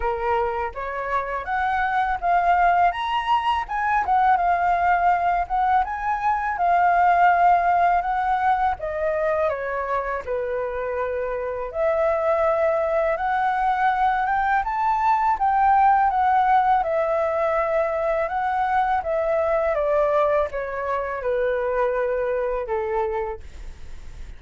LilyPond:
\new Staff \with { instrumentName = "flute" } { \time 4/4 \tempo 4 = 82 ais'4 cis''4 fis''4 f''4 | ais''4 gis''8 fis''8 f''4. fis''8 | gis''4 f''2 fis''4 | dis''4 cis''4 b'2 |
e''2 fis''4. g''8 | a''4 g''4 fis''4 e''4~ | e''4 fis''4 e''4 d''4 | cis''4 b'2 a'4 | }